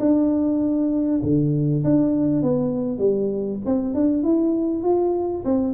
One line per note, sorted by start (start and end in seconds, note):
0.00 1.21 D4
1.23 1.84 D3
1.85 2.43 D4
2.43 2.99 B3
2.99 3.60 G3
3.66 3.95 C4
3.95 4.24 D4
4.24 4.84 E4
4.84 5.44 F4
5.45 5.74 C4